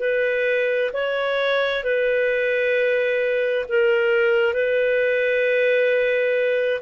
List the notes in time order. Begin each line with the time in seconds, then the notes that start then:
0.00 B4
0.94 C#5
1.84 B4
3.69 A#4
4.54 B4